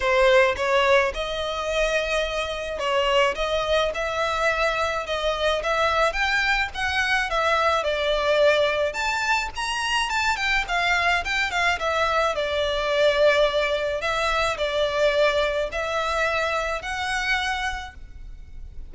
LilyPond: \new Staff \with { instrumentName = "violin" } { \time 4/4 \tempo 4 = 107 c''4 cis''4 dis''2~ | dis''4 cis''4 dis''4 e''4~ | e''4 dis''4 e''4 g''4 | fis''4 e''4 d''2 |
a''4 ais''4 a''8 g''8 f''4 | g''8 f''8 e''4 d''2~ | d''4 e''4 d''2 | e''2 fis''2 | }